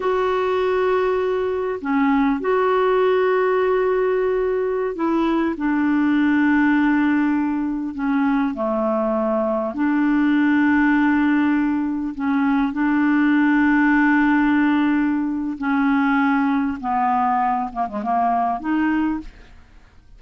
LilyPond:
\new Staff \with { instrumentName = "clarinet" } { \time 4/4 \tempo 4 = 100 fis'2. cis'4 | fis'1~ | fis'16 e'4 d'2~ d'8.~ | d'4~ d'16 cis'4 a4.~ a16~ |
a16 d'2.~ d'8.~ | d'16 cis'4 d'2~ d'8.~ | d'2 cis'2 | b4. ais16 gis16 ais4 dis'4 | }